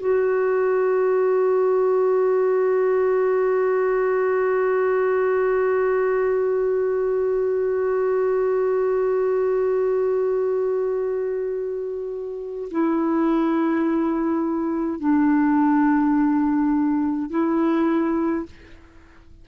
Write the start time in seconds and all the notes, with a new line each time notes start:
0.00 F#4
12.71 E4
15.00 D4
17.31 E4